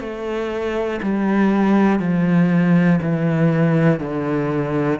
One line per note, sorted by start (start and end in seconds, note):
0.00 1.00 A3
1.02 2.00 G3
2.00 3.00 F3
3.01 4.00 E3
4.00 5.00 D3